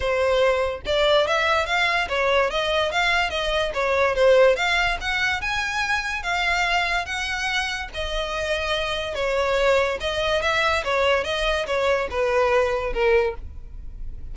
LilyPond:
\new Staff \with { instrumentName = "violin" } { \time 4/4 \tempo 4 = 144 c''2 d''4 e''4 | f''4 cis''4 dis''4 f''4 | dis''4 cis''4 c''4 f''4 | fis''4 gis''2 f''4~ |
f''4 fis''2 dis''4~ | dis''2 cis''2 | dis''4 e''4 cis''4 dis''4 | cis''4 b'2 ais'4 | }